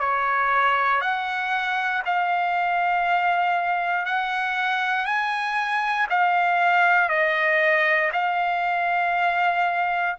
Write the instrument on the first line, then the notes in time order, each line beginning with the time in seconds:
trumpet
0.00 C#5
1.01 F#5
2.06 F5
4.06 F#5
5.06 G#5
6.10 F5
7.10 D#5
8.13 F5